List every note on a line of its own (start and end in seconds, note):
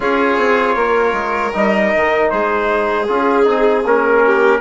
0.00 0.37 C#4
0.00 1.52 F4
0.00 0.75 G#4
0.00 1.55 C#5
0.37 0.75 C4
0.75 1.12 A#3
0.75 2.29 A#4
1.12 1.51 G#3
1.52 1.93 G3
1.52 3.06 D#4
1.52 2.29 D#5
1.95 2.32 D#3
2.29 3.08 G#3
2.29 4.25 G#4
2.29 3.06 C5
3.07 3.46 C#4
3.07 3.43 F4
3.07 3.85 G#4
3.43 3.85 C4
3.43 3.82 D#4
3.85 4.60 A#3
3.85 4.60 C#4
3.85 4.60 A#4
4.25 4.60 G4